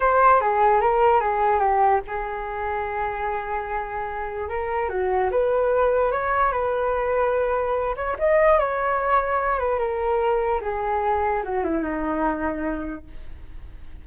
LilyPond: \new Staff \with { instrumentName = "flute" } { \time 4/4 \tempo 4 = 147 c''4 gis'4 ais'4 gis'4 | g'4 gis'2.~ | gis'2. ais'4 | fis'4 b'2 cis''4 |
b'2.~ b'8 cis''8 | dis''4 cis''2~ cis''8 b'8 | ais'2 gis'2 | fis'8 e'8 dis'2. | }